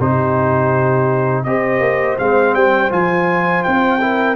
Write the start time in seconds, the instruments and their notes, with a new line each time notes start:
0.00 tuba C3, trombone D#4, horn G4, trumpet C5
1.44 tuba C4, trombone G4, horn C5, trumpet D#5
1.81 tuba A#3
2.19 tuba G#3, trombone C4, trumpet F5
2.55 tuba G3, trumpet G5
2.90 tuba F3, trombone F4, trumpet G#5
3.64 tuba C4, trumpet G5
4.01 trombone E4, horn A#4